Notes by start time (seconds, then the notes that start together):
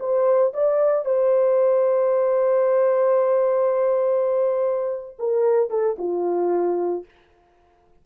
0.00 C5
0.54 D5
1.06 C5
5.19 A#4
5.70 A4
5.99 F4